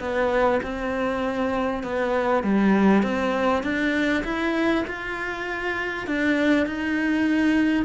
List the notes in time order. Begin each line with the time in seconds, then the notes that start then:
0.00 B3
0.63 C4
1.84 B3
2.44 G3
3.03 C4
3.64 D4
4.25 E4
4.88 F4
6.07 D4
6.67 D#4